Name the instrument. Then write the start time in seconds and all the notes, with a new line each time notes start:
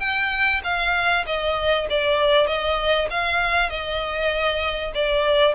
violin
0.00 G5
0.64 F5
1.26 D#5
1.90 D5
2.47 D#5
3.10 F5
3.70 D#5
4.95 D5